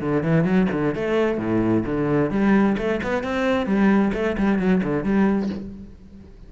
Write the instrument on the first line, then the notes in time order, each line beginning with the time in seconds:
cello
0.00 D3
0.23 E3
0.44 F#3
0.72 D3
0.95 A3
1.38 A2
1.85 D3
2.30 G3
2.78 A3
3.02 B3
3.23 C4
3.66 G3
4.13 A3
4.38 G3
4.58 F#3
4.83 D3
5.03 G3